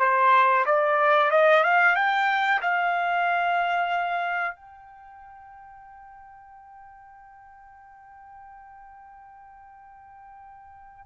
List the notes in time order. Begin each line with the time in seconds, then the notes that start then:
0.00 C5
0.66 D5
1.32 D#5
1.64 F5
1.96 G5
2.62 F5
4.56 G5